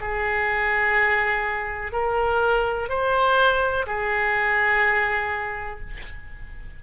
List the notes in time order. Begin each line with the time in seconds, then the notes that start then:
0.00 G#4
1.92 A#4
2.89 C5
3.87 G#4